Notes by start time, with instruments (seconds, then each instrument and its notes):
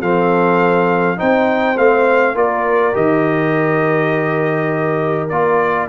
0.00 tuba F3, trombone C4, horn A4, trumpet F5
1.16 tuba C4, trombone D#4, horn C5, trumpet G5
1.77 tuba A3, trombone C4, trumpet F5
2.34 tuba A#3, trombone F4, horn A#4, trumpet D5
2.93 tuba D#3, trombone G4, trumpet D#5
5.29 tuba A#3, trombone F4, trumpet D5